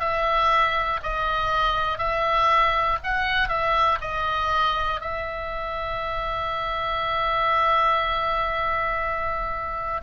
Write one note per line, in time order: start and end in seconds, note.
0.00 1.00 E5
1.04 1.99 D#5
1.99 2.99 E5
3.04 3.49 F#5
3.49 3.99 E5
4.01 5.01 D#5
5.01 10.01 E5